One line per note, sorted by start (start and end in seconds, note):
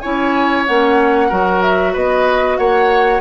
0.00 0.69 C#4
0.00 0.67 E4
0.00 1.29 C#5
0.00 0.64 G#5
0.67 1.32 A#3
0.67 1.30 C#4
0.67 1.62 F#5
1.29 1.95 F#3
1.29 3.21 F#4
1.29 1.93 A#4
1.62 1.94 E5
1.93 2.59 B3
1.93 2.57 B4
1.93 2.57 D#5
2.57 3.21 A#3
2.57 3.21 C#5
2.57 3.21 F#5